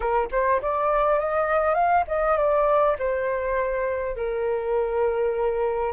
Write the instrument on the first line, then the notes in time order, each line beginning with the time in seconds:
flute
0.00 A#4
0.31 C5
0.61 D5
1.19 D#5
1.74 F5
2.07 D#5
2.37 D5
2.98 C5
4.16 A#4